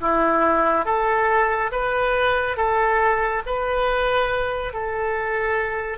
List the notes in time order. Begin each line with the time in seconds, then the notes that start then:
0.00 E4
0.85 A4
1.71 B4
2.57 A4
3.46 B4
4.73 A4